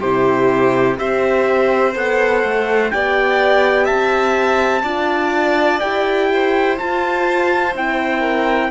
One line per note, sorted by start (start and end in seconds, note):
0.00 0.99 C3
0.00 0.97 E4
0.00 0.97 G4
0.00 0.98 C5
0.97 1.95 C4
0.97 1.93 G4
0.97 2.93 C5
0.97 1.95 E5
1.94 2.43 B3
1.94 2.91 A4
1.94 2.91 F#5
2.43 2.92 A3
2.91 3.90 B3
2.91 4.84 G4
2.91 3.84 D5
2.91 3.86 G5
3.84 4.83 C4
3.84 4.81 E5
3.84 5.80 A5
4.83 5.80 D4
4.83 5.81 F4
4.83 6.28 D5
5.80 6.79 E4
5.80 6.79 G4
5.80 6.77 G5
6.33 8.20 C5
6.78 7.74 F4
6.78 7.75 F4
6.78 7.75 A5
7.74 8.71 C4
7.74 8.71 E4
7.74 8.71 G5
8.20 8.68 A#4